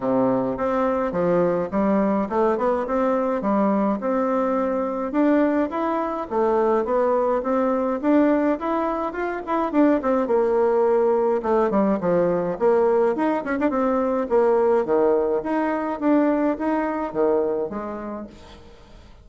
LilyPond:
\new Staff \with { instrumentName = "bassoon" } { \time 4/4 \tempo 4 = 105 c4 c'4 f4 g4 | a8 b8 c'4 g4 c'4~ | c'4 d'4 e'4 a4 | b4 c'4 d'4 e'4 |
f'8 e'8 d'8 c'8 ais2 | a8 g8 f4 ais4 dis'8 cis'16 d'16 | c'4 ais4 dis4 dis'4 | d'4 dis'4 dis4 gis4 | }